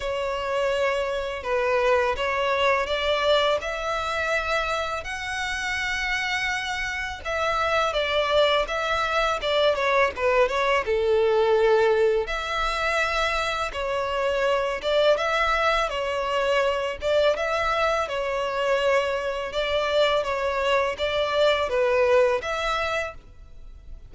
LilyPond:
\new Staff \with { instrumentName = "violin" } { \time 4/4 \tempo 4 = 83 cis''2 b'4 cis''4 | d''4 e''2 fis''4~ | fis''2 e''4 d''4 | e''4 d''8 cis''8 b'8 cis''8 a'4~ |
a'4 e''2 cis''4~ | cis''8 d''8 e''4 cis''4. d''8 | e''4 cis''2 d''4 | cis''4 d''4 b'4 e''4 | }